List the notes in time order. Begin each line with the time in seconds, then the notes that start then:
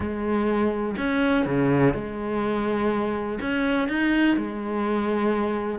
0.00 G#3
0.97 C#4
1.45 C#3
1.94 G#3
3.40 C#4
3.88 D#4
4.37 G#3